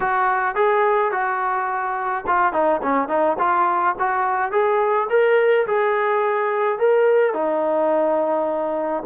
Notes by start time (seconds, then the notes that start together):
0.00 F#4
0.55 G#4
1.11 F#4
2.26 F4
2.52 D#4
2.82 C#4
3.08 D#4
3.38 F4
3.99 F#4
4.51 G#4
5.09 A#4
5.66 G#4
6.78 A#4
7.33 D#4